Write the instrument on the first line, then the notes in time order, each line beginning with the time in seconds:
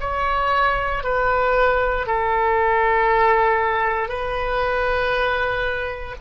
oboe
0.00 C#5
1.03 B4
2.06 A4
4.09 B4